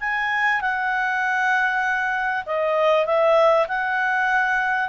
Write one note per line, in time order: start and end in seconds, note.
0.00 0.61 G#5
0.61 2.45 F#5
2.46 3.06 D#5
3.06 3.67 E5
3.68 4.89 F#5